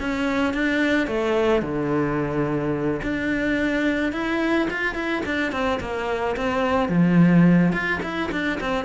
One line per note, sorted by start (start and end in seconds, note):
0.00 0.54 C#4
0.54 1.07 D4
1.07 1.62 A3
1.62 3.01 D3
3.03 4.13 D4
4.13 4.68 E4
4.71 4.95 F4
4.95 5.23 E4
5.26 5.52 D4
5.52 5.80 C4
5.80 6.36 A#3
6.37 6.89 C4
6.89 7.72 F3
7.72 8.00 F4
8.03 8.31 E4
8.32 8.60 D4
8.61 8.85 C4